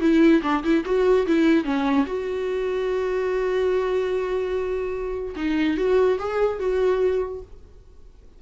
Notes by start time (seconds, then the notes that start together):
0.00 E4
0.42 D4
0.63 E4
0.85 F#4
1.26 E4
1.64 C#4
2.06 F#4
5.36 D#4
5.77 F#4
6.18 G#4
6.59 F#4